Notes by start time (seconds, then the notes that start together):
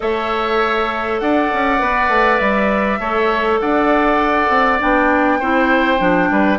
0.00 A3 A4 C#5 E5
1.19 D4 D5 F#5
1.53 C#4
1.78 B3 B4
2.08 A3
2.38 G3 E5
2.99 A3 A4 C#5
3.60 D4 D5 F#5
4.49 C4
4.79 B3 D4 G5
5.39 C4 E4 C5
5.98 F3 D4
6.30 G3 B4